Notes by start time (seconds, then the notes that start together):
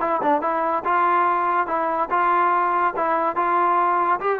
0.00 E4
0.22 D4
0.41 E4
0.85 F4
1.67 E4
2.10 F4
2.96 E4
3.36 F4
4.20 G4